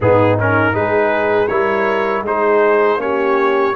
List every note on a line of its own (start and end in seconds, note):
0.00 0.74 G#2
0.00 0.38 B3
0.00 0.74 D#4
0.00 0.38 G#4
0.39 0.73 C#4
0.39 0.75 A#4
0.73 1.49 G#3
0.73 1.48 D#4
0.73 1.48 G#4
0.73 1.47 B4
1.47 2.22 G3
1.47 2.25 E4
1.47 2.23 A#4
1.47 2.22 C#5
2.22 2.96 G#3
2.22 2.98 D#4
2.22 3.01 G#4
2.22 3.00 C5
2.96 3.71 A#3
2.96 3.73 C#4
2.96 3.75 G4
2.96 3.75 C#5